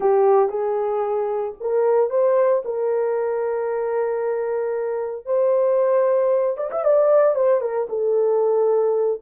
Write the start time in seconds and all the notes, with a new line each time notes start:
0.00 G4
0.49 G#4
1.60 A#4
2.10 C5
2.64 A#4
5.25 C5
6.57 D5
6.71 E5
6.84 D5
7.35 C5
7.60 A#4
7.89 A4